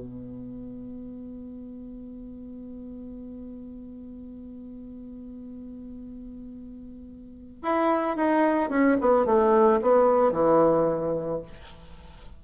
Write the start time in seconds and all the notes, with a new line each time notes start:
0.00 B3
7.62 E4
8.16 D#4
8.70 C#4
9.01 B3
9.26 A3
9.82 B3
10.32 E3